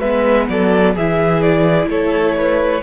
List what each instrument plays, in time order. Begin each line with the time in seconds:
0.00 cello G#3, viola B3, violin B4 E5
0.49 cello F#3, violin A4 D5
0.95 cello E3, viola E4, violin G#4 E5
1.42 violin D5
1.87 cello A3, violin A4 C#5
2.37 violin B4